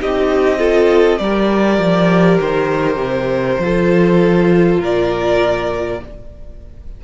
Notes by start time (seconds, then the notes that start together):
0.00 C4 D#4 G4 D#5
0.58 F4 A4
1.18 G3 G4 A#4 D5
1.78 F3
2.40 D#3 C5
2.96 C3
3.58 F3 F4 A4
4.79 A#2 A#4 D5